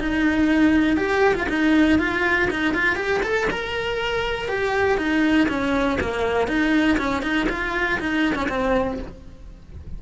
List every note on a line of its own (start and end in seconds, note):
0.00 0.97 D#4
0.97 1.35 G4
1.35 1.47 F4
1.49 1.99 D#4
1.99 2.49 F4
2.51 2.75 D#4
2.75 2.96 F4
2.96 3.21 G4
3.23 3.48 A4
3.51 4.49 A#4
4.49 4.98 G4
4.98 5.48 D#4
5.49 5.99 C#4
6.01 6.48 A#3
6.48 6.98 D#4
6.98 7.23 C#4
7.23 7.48 D#4
7.50 8.00 F4
8.00 8.36 D#4
8.36 8.48 C#4
8.49 8.99 C4